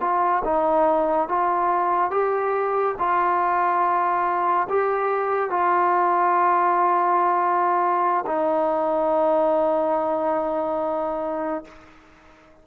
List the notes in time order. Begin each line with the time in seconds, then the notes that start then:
0.00 F4
0.44 D#4
1.28 F4
2.10 G4
2.98 F4
4.69 G4
5.50 F4
8.26 D#4